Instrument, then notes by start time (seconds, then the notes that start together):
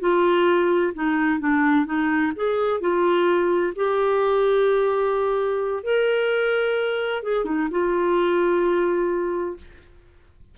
clarinet
0.00 F4
0.94 D#4
1.40 D4
1.86 D#4
2.36 G#4
2.80 F4
3.76 G4
5.83 A#4
7.23 G#4
7.45 D#4
7.71 F4